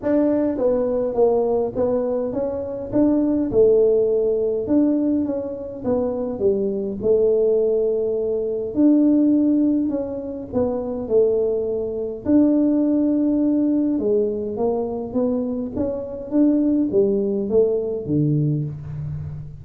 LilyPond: \new Staff \with { instrumentName = "tuba" } { \time 4/4 \tempo 4 = 103 d'4 b4 ais4 b4 | cis'4 d'4 a2 | d'4 cis'4 b4 g4 | a2. d'4~ |
d'4 cis'4 b4 a4~ | a4 d'2. | gis4 ais4 b4 cis'4 | d'4 g4 a4 d4 | }